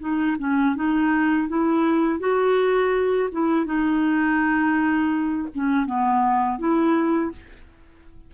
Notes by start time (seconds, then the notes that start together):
0.00 D#4
0.39 C#4
0.75 D#4
1.48 E4
2.20 F#4
3.32 E4
3.66 D#4
5.55 C#4
5.86 B3
6.59 E4